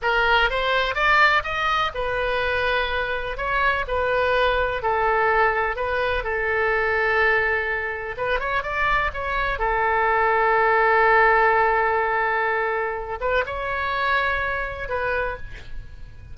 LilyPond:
\new Staff \with { instrumentName = "oboe" } { \time 4/4 \tempo 4 = 125 ais'4 c''4 d''4 dis''4 | b'2. cis''4 | b'2 a'2 | b'4 a'2.~ |
a'4 b'8 cis''8 d''4 cis''4 | a'1~ | a'2.~ a'8 b'8 | cis''2. b'4 | }